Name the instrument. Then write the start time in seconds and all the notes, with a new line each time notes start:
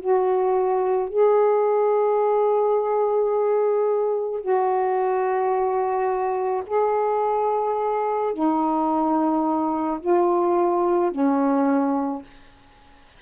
saxophone
0.00 F#4
1.09 G#4
4.41 F#4
6.67 G#4
8.33 D#4
10.01 F4
11.12 C#4